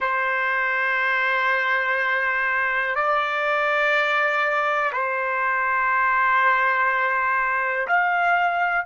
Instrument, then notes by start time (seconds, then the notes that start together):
trumpet
0.00 C5
2.95 D5
4.92 C5
7.87 F5